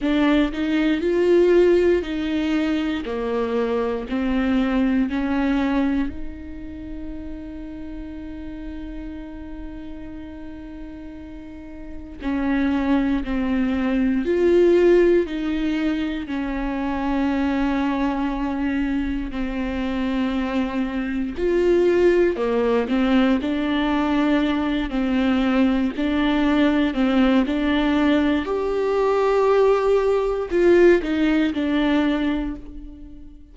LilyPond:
\new Staff \with { instrumentName = "viola" } { \time 4/4 \tempo 4 = 59 d'8 dis'8 f'4 dis'4 ais4 | c'4 cis'4 dis'2~ | dis'1 | cis'4 c'4 f'4 dis'4 |
cis'2. c'4~ | c'4 f'4 ais8 c'8 d'4~ | d'8 c'4 d'4 c'8 d'4 | g'2 f'8 dis'8 d'4 | }